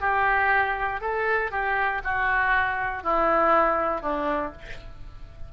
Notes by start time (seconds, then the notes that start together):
0.00 G4
1.01 A4
1.51 G4
2.04 F#4
3.03 E4
4.01 D4